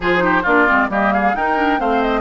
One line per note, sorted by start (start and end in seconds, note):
0.00 0.44 F3
0.00 0.18 F4
0.00 0.23 G#4
0.00 0.45 C5
0.18 0.41 D#4
0.18 0.42 G4
0.42 0.68 A#3
0.42 0.67 D4
0.42 0.87 F4
0.42 0.90 D5
0.67 0.89 G#3
0.67 0.89 C4
0.89 1.34 G3
0.89 1.34 A#3
0.89 1.13 G4
0.89 1.13 D#5
1.13 1.36 G#4
1.13 1.35 F5
1.34 1.56 D#4
1.34 1.79 D#4
1.34 1.79 A#4
1.34 1.80 G5
1.56 1.78 D4
1.78 2.20 A3
1.78 2.20 C4
1.78 2.20 C5
1.78 2.02 F5
2.02 2.20 D#5